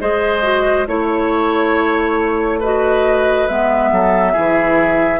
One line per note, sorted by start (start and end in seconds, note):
0.00 0.87 G#3
0.00 0.42 G#4
0.00 0.88 C5
0.00 0.87 D#5
0.42 0.86 F#4
0.87 3.48 A3
0.87 2.61 E4
0.87 2.61 C#5
0.87 2.60 C#5
2.60 3.49 F#4
2.60 3.90 B4
2.60 3.48 D#5
3.48 3.92 G#3
3.48 4.34 B3
3.48 5.20 E5
3.92 4.35 F#3
3.92 4.33 A4
4.33 5.20 E3
4.33 5.20 E4
4.33 5.20 G#4